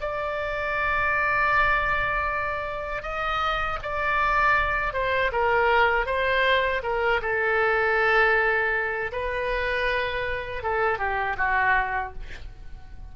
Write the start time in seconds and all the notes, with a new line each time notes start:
0.00 D5
3.02 D#5
3.82 D5
4.93 C5
5.32 A#4
6.06 C5
6.83 A#4
7.22 A4
9.12 B4
10.63 A4
10.98 G4
11.37 F#4